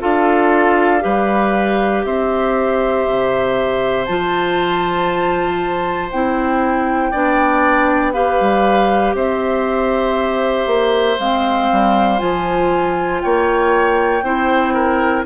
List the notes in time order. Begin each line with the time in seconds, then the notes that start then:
0.00 D4 F4 A4 F5
1.01 G3 G4 B4
2.04 C4 C5 E5
3.07 C3
4.05 F3 F4 A5
6.11 C4 E4 G5
7.11 B3 D4 D5
8.13 G4 B4 F5
8.40 G3
9.14 C4 C5 E5
10.67 A#3
11.19 G#3 C4 F5
11.72 G3
12.18 F3 F4 G#5
13.21 A#3 C#5 G5
14.22 C4 E4 C5
14.74 A#4